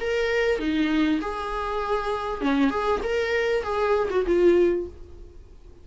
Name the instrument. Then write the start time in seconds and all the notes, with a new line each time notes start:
viola
0.00 A#4
0.59 D#4
1.21 G#4
2.41 C#4
2.70 G#4
3.03 A#4
3.63 G#4
4.10 F#4
4.26 F4